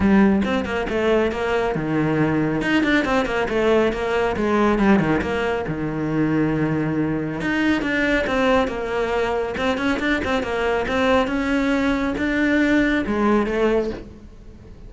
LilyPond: \new Staff \with { instrumentName = "cello" } { \time 4/4 \tempo 4 = 138 g4 c'8 ais8 a4 ais4 | dis2 dis'8 d'8 c'8 ais8 | a4 ais4 gis4 g8 dis8 | ais4 dis2.~ |
dis4 dis'4 d'4 c'4 | ais2 c'8 cis'8 d'8 c'8 | ais4 c'4 cis'2 | d'2 gis4 a4 | }